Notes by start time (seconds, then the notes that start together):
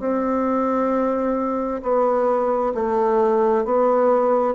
0.00 C4
1.83 B3
2.75 A3
3.65 B3